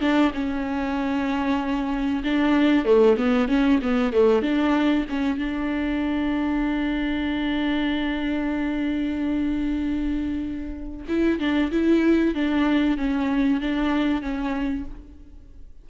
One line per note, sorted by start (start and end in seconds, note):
0.00 0.32 D4
0.34 2.23 C#4
2.24 2.85 D4
2.85 3.17 A3
3.17 3.48 B3
3.48 3.80 C#4
3.82 4.13 B3
4.13 4.42 A3
4.42 5.06 D4
5.09 5.38 C#4
5.38 11.06 D4
11.08 11.39 E4
11.39 11.71 D4
11.71 12.34 E4
12.35 12.98 D4
12.98 13.61 C#4
13.61 14.22 D4
14.22 14.85 C#4